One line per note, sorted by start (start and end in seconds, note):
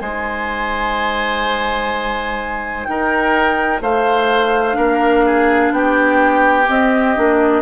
0.00 2.87 G#3
0.00 4.73 D#4
0.00 2.87 C5
0.00 2.85 G#5
2.85 3.82 D#4
2.85 3.82 A#4
2.85 3.80 G5
3.82 4.77 A3
3.82 4.78 C5
3.82 5.74 F5
4.73 5.72 A#3
4.73 6.63 D4
4.73 5.25 A#4
5.26 5.73 G#4
5.72 6.67 B3
5.72 7.62 G4
5.72 6.69 G5
6.68 7.16 C4
6.68 7.17 C4
6.68 7.62 D#5
7.16 7.62 A#3
7.16 7.62 D4